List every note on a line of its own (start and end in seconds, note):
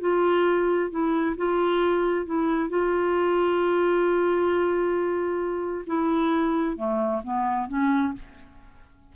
0.00 0.90 F4
0.90 1.36 E4
1.37 2.26 F4
2.26 2.69 E4
2.69 5.85 F4
5.86 6.76 E4
6.76 7.21 A3
7.24 7.68 B3
7.68 8.13 C#4